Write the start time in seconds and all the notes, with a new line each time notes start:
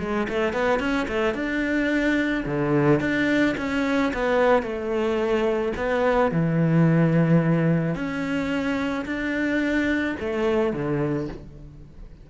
0.00 G#3
0.30 A3
0.53 B3
0.80 C#4
1.08 A3
1.34 D4
2.46 D3
3.01 D4
3.58 C#4
4.14 B3
4.63 A3
5.77 B3
6.32 E3
7.95 C#4
9.06 D4
10.20 A3
10.74 D3